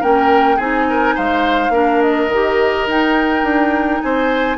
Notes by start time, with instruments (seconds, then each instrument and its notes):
0.00 bassoon A#3, clarinet C#4, oboe A#4, flute G5
0.56 bassoon C4, clarinet D#4, oboe G#4, flute G#5
0.90 oboe A#4
1.15 bassoon G#3, oboe C5, flute F5
1.69 bassoon A#3, clarinet D4, oboe A#4
2.02 flute D#5
2.28 bassoon D#3, clarinet G4
2.86 bassoon D#4, clarinet D#4, flute G5
3.43 bassoon D4
4.02 bassoon C4, oboe C5, flute G#5